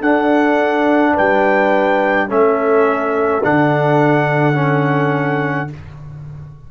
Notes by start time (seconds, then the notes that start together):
0.00 D4 A4 F#5
1.12 B4 G5
1.18 G3
2.28 A3 C#4 A4 E5
3.43 D3 D4 F#5
4.54 C#4